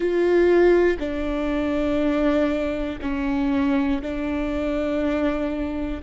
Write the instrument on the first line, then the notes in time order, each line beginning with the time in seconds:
viola
0.00 F4
0.99 D4
3.01 C#4
4.02 D4